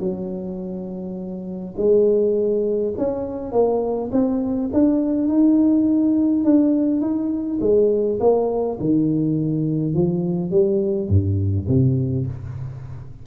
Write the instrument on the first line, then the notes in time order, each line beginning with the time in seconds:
tuba
0.00 F#3
1.77 G#3
2.98 C#4
3.52 A#3
4.13 C4
4.73 D4
5.28 D#4
6.45 D4
7.01 D#4
7.61 G#3
8.21 A#3
8.80 D#3
9.94 F3
10.51 G3
11.09 G2
11.68 C3